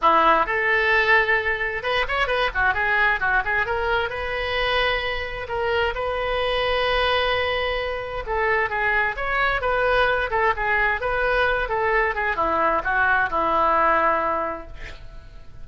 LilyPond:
\new Staff \with { instrumentName = "oboe" } { \time 4/4 \tempo 4 = 131 e'4 a'2. | b'8 cis''8 b'8 fis'8 gis'4 fis'8 gis'8 | ais'4 b'2. | ais'4 b'2.~ |
b'2 a'4 gis'4 | cis''4 b'4. a'8 gis'4 | b'4. a'4 gis'8 e'4 | fis'4 e'2. | }